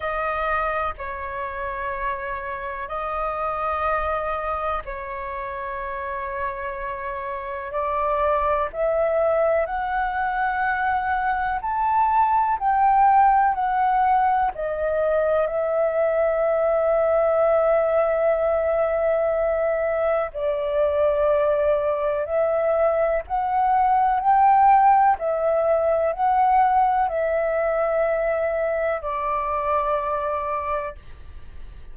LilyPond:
\new Staff \with { instrumentName = "flute" } { \time 4/4 \tempo 4 = 62 dis''4 cis''2 dis''4~ | dis''4 cis''2. | d''4 e''4 fis''2 | a''4 g''4 fis''4 dis''4 |
e''1~ | e''4 d''2 e''4 | fis''4 g''4 e''4 fis''4 | e''2 d''2 | }